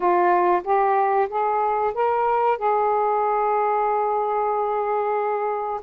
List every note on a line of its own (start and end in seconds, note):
0.00 0.62 F4
0.64 1.28 G4
1.29 1.93 G#4
1.94 2.58 A#4
2.58 5.80 G#4